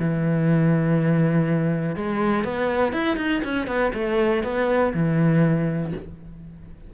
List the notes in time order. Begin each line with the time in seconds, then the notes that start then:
0.00 E3
1.96 G#3
2.45 B3
2.93 E4
3.17 D#4
3.44 C#4
3.67 B3
3.94 A3
4.44 B3
4.94 E3